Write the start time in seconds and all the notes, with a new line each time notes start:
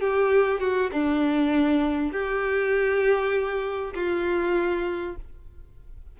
0.00 G4
0.60 F#4
0.92 D4
2.12 G4
3.94 F4